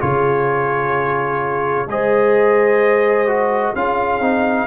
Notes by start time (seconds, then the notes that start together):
0.00 C#3 F4 G#4 C#5
1.87 G#3 G#4 C5 D#5
3.28 F#4
3.75 C#4 F4 G#4 F5
4.20 C4 D#4